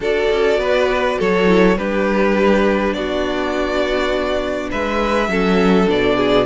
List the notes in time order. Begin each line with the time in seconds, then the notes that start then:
0.00 D4 F#4 A4 D5
0.30 C#4
0.57 B3 B4
1.18 F#3 A4 C#5
1.46 E4
1.77 G3 D4 G4 B4
2.93 B3 F#4 D5
4.70 G#3 B4 E5
5.28 F#3 C#4 A4
5.87 B2 D4 D5
6.16 G#4